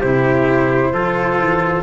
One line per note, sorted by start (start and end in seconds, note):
0.00 0.93 C3
0.00 0.93 E4
0.00 0.91 G4
0.00 1.83 C5
0.93 1.38 F3
0.93 1.83 F4
0.93 1.83 A4
1.38 1.83 E3